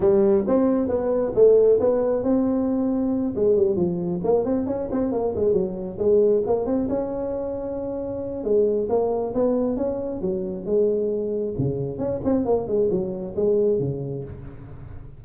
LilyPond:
\new Staff \with { instrumentName = "tuba" } { \time 4/4 \tempo 4 = 135 g4 c'4 b4 a4 | b4 c'2~ c'8 gis8 | g8 f4 ais8 c'8 cis'8 c'8 ais8 | gis8 fis4 gis4 ais8 c'8 cis'8~ |
cis'2. gis4 | ais4 b4 cis'4 fis4 | gis2 cis4 cis'8 c'8 | ais8 gis8 fis4 gis4 cis4 | }